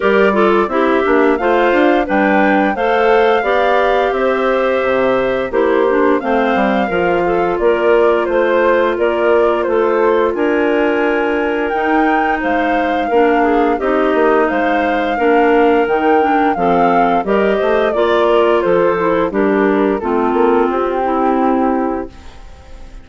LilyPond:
<<
  \new Staff \with { instrumentName = "flute" } { \time 4/4 \tempo 4 = 87 d''4 e''4 f''4 g''4 | f''2 e''2 | c''4 f''2 d''4 | c''4 d''4 c''4 gis''4~ |
gis''4 g''4 f''2 | dis''4 f''2 g''4 | f''4 dis''4 d''4 c''4 | ais'4 a'4 g'2 | }
  \new Staff \with { instrumentName = "clarinet" } { \time 4/4 ais'8 a'8 g'4 c''4 b'4 | c''4 d''4 c''2 | g'4 c''4 ais'8 a'8 ais'4 | c''4 ais'4 a'4 ais'4~ |
ais'2 c''4 ais'8 gis'8 | g'4 c''4 ais'2 | a'4 ais'8 c''8 d''8 ais'8 a'4 | g'4 f'4. e'4. | }
  \new Staff \with { instrumentName = "clarinet" } { \time 4/4 g'8 f'8 e'8 d'8 f'4 d'4 | a'4 g'2. | e'8 d'8 c'4 f'2~ | f'1~ |
f'4 dis'2 d'4 | dis'2 d'4 dis'8 d'8 | c'4 g'4 f'4. e'8 | d'4 c'2. | }
  \new Staff \with { instrumentName = "bassoon" } { \time 4/4 g4 c'8 ais8 a8 d'8 g4 | a4 b4 c'4 c4 | ais4 a8 g8 f4 ais4 | a4 ais4 a4 d'4~ |
d'4 dis'4 gis4 ais4 | c'8 ais8 gis4 ais4 dis4 | f4 g8 a8 ais4 f4 | g4 a8 ais8 c'2 | }
>>